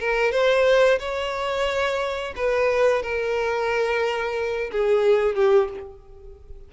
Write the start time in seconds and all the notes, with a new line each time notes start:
0.00 A#4
0.32 C5
1.00 C#5
2.36 B4
3.03 A#4
4.72 G#4
5.35 G4